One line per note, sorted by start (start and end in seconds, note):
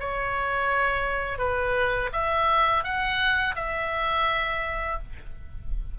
0.00 1.38 C#5
1.38 2.10 B4
2.13 2.84 E5
2.84 3.55 F#5
3.56 4.98 E5